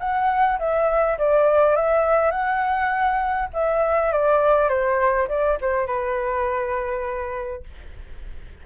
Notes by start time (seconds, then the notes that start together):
0.00 F#5
0.59 E5
1.18 D5
1.76 E5
2.31 F#5
3.53 E5
4.12 D5
4.69 C5
5.29 D5
5.61 C5
5.87 B4